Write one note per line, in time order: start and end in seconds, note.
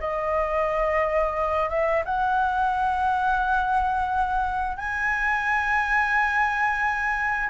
0.00 1.70 D#5
1.70 2.04 E5
2.05 4.77 F#5
4.77 7.50 G#5